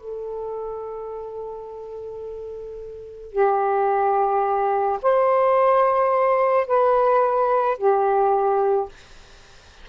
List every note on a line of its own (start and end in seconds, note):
0.00 3.32 A4
3.32 4.98 G4
5.03 6.67 C5
6.67 7.78 B4
7.78 8.89 G4